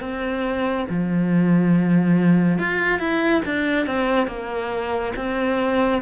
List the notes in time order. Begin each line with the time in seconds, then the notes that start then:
0.00 C4
0.89 F3
2.58 F4
2.99 E4
3.45 D4
3.86 C4
4.27 A#3
5.15 C4